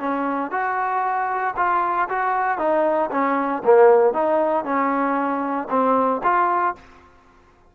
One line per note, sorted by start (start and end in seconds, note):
0.00 0.51 C#4
0.51 1.55 F#4
1.57 2.09 F4
2.10 2.59 F#4
2.59 3.10 D#4
3.11 3.63 C#4
3.65 4.14 A#3
4.14 4.65 D#4
4.65 5.68 C#4
5.70 6.22 C4
6.24 6.75 F4